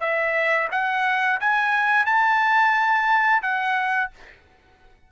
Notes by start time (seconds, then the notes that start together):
0.00 E5
0.71 F#5
1.40 G#5
2.05 A5
3.42 F#5